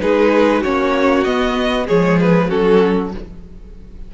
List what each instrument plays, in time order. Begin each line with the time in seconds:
0.00 cello G#3, viola D#4, violin G#4 B4
0.61 cello A#3, viola C#4, violin F#4 C#5
1.24 viola B3, cello B3, violin D#5
1.86 cello F3, viola G#3, violin G#4 C#5
2.20 violin B4
2.48 cello F#3, viola C#4, violin F#4 A4